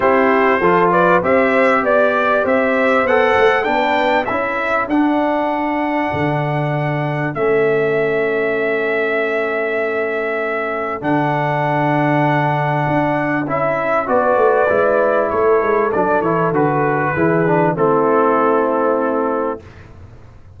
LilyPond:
<<
  \new Staff \with { instrumentName = "trumpet" } { \time 4/4 \tempo 4 = 98 c''4. d''8 e''4 d''4 | e''4 fis''4 g''4 e''4 | fis''1 | e''1~ |
e''2 fis''2~ | fis''2 e''4 d''4~ | d''4 cis''4 d''8 cis''8 b'4~ | b'4 a'2. | }
  \new Staff \with { instrumentName = "horn" } { \time 4/4 g'4 a'8 b'8 c''4 d''4 | c''2 b'4 a'4~ | a'1~ | a'1~ |
a'1~ | a'2. b'4~ | b'4 a'2. | gis'4 e'2. | }
  \new Staff \with { instrumentName = "trombone" } { \time 4/4 e'4 f'4 g'2~ | g'4 a'4 d'4 e'4 | d'1 | cis'1~ |
cis'2 d'2~ | d'2 e'4 fis'4 | e'2 d'8 e'8 fis'4 | e'8 d'8 c'2. | }
  \new Staff \with { instrumentName = "tuba" } { \time 4/4 c'4 f4 c'4 b4 | c'4 b8 a8 b4 cis'4 | d'2 d2 | a1~ |
a2 d2~ | d4 d'4 cis'4 b8 a8 | gis4 a8 gis8 fis8 e8 d4 | e4 a2. | }
>>